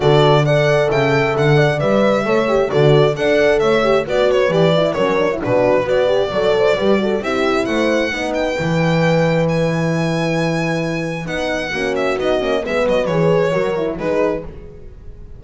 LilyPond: <<
  \new Staff \with { instrumentName = "violin" } { \time 4/4 \tempo 4 = 133 d''4 fis''4 g''4 fis''4 | e''2 d''4 fis''4 | e''4 d''8 cis''8 d''4 cis''4 | b'4 d''2. |
e''4 fis''4. g''4.~ | g''4 gis''2.~ | gis''4 fis''4. e''8 dis''4 | e''8 dis''8 cis''2 b'4 | }
  \new Staff \with { instrumentName = "horn" } { \time 4/4 a'4 d''4 e''4. d''8~ | d''4 cis''4 a'4 d''4 | cis''4 b'2 ais'4 | fis'4 b'4 d''8 c''8 b'8 a'8 |
g'4 c''4 b'2~ | b'1~ | b'2 fis'2 | b'2 ais'4 gis'4 | }
  \new Staff \with { instrumentName = "horn" } { \time 4/4 fis'4 a'2. | b'4 a'8 g'8 fis'4 a'4~ | a'8 g'8 fis'4 g'8 e'8 cis'8 d'16 e'16 | d'4 fis'8 g'8 a'4 g'8 fis'8 |
e'2 dis'4 e'4~ | e'1~ | e'4 dis'4 cis'4 dis'8 cis'8 | b4 gis'4 fis'8 e'8 dis'4 | }
  \new Staff \with { instrumentName = "double bass" } { \time 4/4 d2 cis4 d4 | g4 a4 d4 d'4 | a4 b4 e4 fis4 | b,4 b4 fis4 g4 |
c'4 a4 b4 e4~ | e1~ | e4 b4 ais4 b8 ais8 | gis8 fis8 e4 fis4 gis4 | }
>>